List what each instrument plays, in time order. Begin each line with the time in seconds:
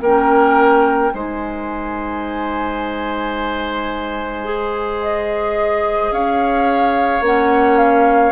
0.00 bassoon A#3, clarinet C#4, oboe A#4, flute G5
1.11 bassoon G#3, clarinet D#4, oboe C5, flute G#5
4.44 clarinet G#4
5.01 flute D#5
6.10 bassoon C#4, oboe C#5, flute F5
7.20 bassoon A#3, clarinet C#4, flute F#5
7.77 flute F5